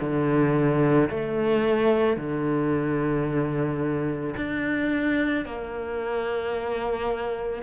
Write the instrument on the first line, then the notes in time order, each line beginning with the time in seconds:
cello
0.00 D3
1.10 A3
2.17 D3
4.36 D4
5.45 A#3